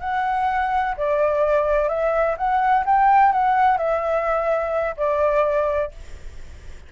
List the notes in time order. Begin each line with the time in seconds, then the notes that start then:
0.00 F#5
0.97 D5
1.88 E5
2.37 F#5
2.85 G5
3.32 F#5
3.77 E5
4.96 D5